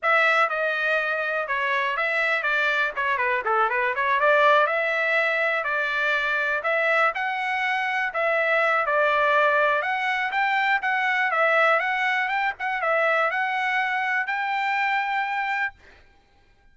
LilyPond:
\new Staff \with { instrumentName = "trumpet" } { \time 4/4 \tempo 4 = 122 e''4 dis''2 cis''4 | e''4 d''4 cis''8 b'8 a'8 b'8 | cis''8 d''4 e''2 d''8~ | d''4. e''4 fis''4.~ |
fis''8 e''4. d''2 | fis''4 g''4 fis''4 e''4 | fis''4 g''8 fis''8 e''4 fis''4~ | fis''4 g''2. | }